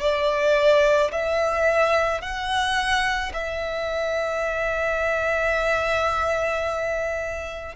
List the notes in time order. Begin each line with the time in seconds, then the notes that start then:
0.00 D5
1.12 E5
2.21 F#5
3.34 E5